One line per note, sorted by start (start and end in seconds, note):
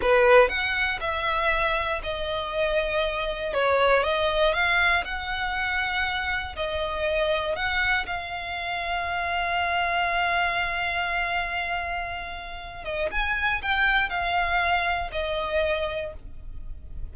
0.01 0.49 B4
0.49 0.99 F#5
1.00 2.01 E5
2.03 3.53 D#5
3.53 4.03 C#5
4.03 4.53 D#5
4.53 5.04 F5
5.04 6.55 F#5
6.56 7.55 D#5
7.55 8.06 F#5
8.06 12.84 F5
12.84 13.09 D#5
13.11 13.61 G#5
13.62 14.09 G5
14.09 15.10 F5
15.12 16.13 D#5